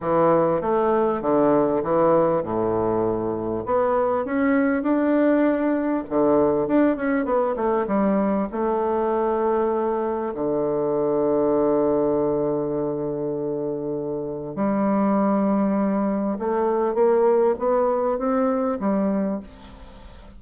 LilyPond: \new Staff \with { instrumentName = "bassoon" } { \time 4/4 \tempo 4 = 99 e4 a4 d4 e4 | a,2 b4 cis'4 | d'2 d4 d'8 cis'8 | b8 a8 g4 a2~ |
a4 d2.~ | d1 | g2. a4 | ais4 b4 c'4 g4 | }